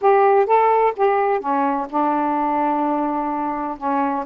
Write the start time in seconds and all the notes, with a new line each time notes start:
0.01 G4
0.46 A4
0.96 G4
1.40 C#4
1.89 D4
3.77 C#4